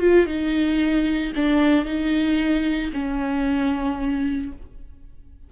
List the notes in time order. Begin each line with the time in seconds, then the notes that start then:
0.00 F4
0.27 D#4
1.36 D4
1.85 D#4
2.93 C#4